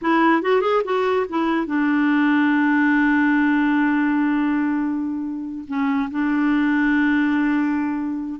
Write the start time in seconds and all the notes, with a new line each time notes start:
0.01 E4
0.42 F#4
0.61 G#4
0.84 F#4
1.29 E4
1.66 D4
5.67 C#4
6.10 D4